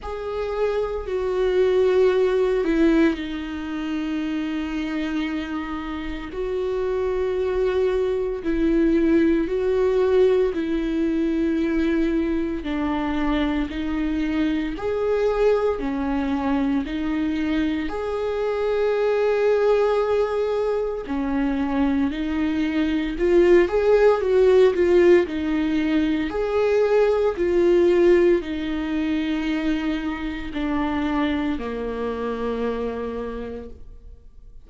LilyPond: \new Staff \with { instrumentName = "viola" } { \time 4/4 \tempo 4 = 57 gis'4 fis'4. e'8 dis'4~ | dis'2 fis'2 | e'4 fis'4 e'2 | d'4 dis'4 gis'4 cis'4 |
dis'4 gis'2. | cis'4 dis'4 f'8 gis'8 fis'8 f'8 | dis'4 gis'4 f'4 dis'4~ | dis'4 d'4 ais2 | }